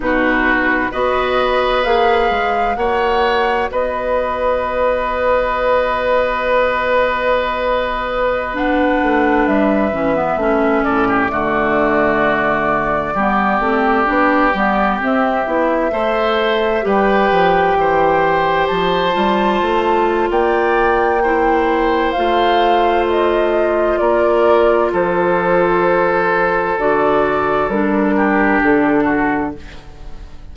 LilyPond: <<
  \new Staff \with { instrumentName = "flute" } { \time 4/4 \tempo 4 = 65 b'4 dis''4 f''4 fis''4 | dis''1~ | dis''4~ dis''16 fis''4 e''4. d''16~ | d''1~ |
d''16 e''2 g''4.~ g''16~ | g''16 a''4.~ a''16 g''2 | f''4 dis''4 d''4 c''4~ | c''4 d''4 ais'4 a'4 | }
  \new Staff \with { instrumentName = "oboe" } { \time 4/4 fis'4 b'2 cis''4 | b'1~ | b'2.~ b'8. a'16 | g'16 fis'2 g'4.~ g'16~ |
g'4~ g'16 c''4 b'4 c''8.~ | c''2 d''4 c''4~ | c''2 ais'4 a'4~ | a'2~ a'8 g'4 fis'8 | }
  \new Staff \with { instrumentName = "clarinet" } { \time 4/4 dis'4 fis'4 gis'4 fis'4~ | fis'1~ | fis'4~ fis'16 d'4. cis'16 b16 cis'8.~ | cis'16 a2 b8 c'8 d'8 b16~ |
b16 c'8 e'8 a'4 g'4.~ g'16~ | g'8. f'2~ f'16 e'4 | f'1~ | f'4 fis'4 d'2 | }
  \new Staff \with { instrumentName = "bassoon" } { \time 4/4 b,4 b4 ais8 gis8 ais4 | b1~ | b4.~ b16 a8 g8 e8 a8 a,16~ | a,16 d2 g8 a8 b8 g16~ |
g16 c'8 b8 a4 g8 f8 e8.~ | e16 f8 g8 a8. ais2 | a2 ais4 f4~ | f4 d4 g4 d4 | }
>>